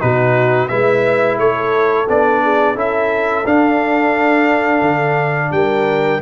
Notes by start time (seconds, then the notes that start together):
0.00 B2 D#4 F#4 B4
0.68 G#3 E4 B4 E5
1.38 A3 A4 C#5
2.09 B3 D4 D5
2.43 G#4
2.74 C#4 E4 A4 E5
3.45 D4 F5
4.81 D3
5.52 G3 A#4 G5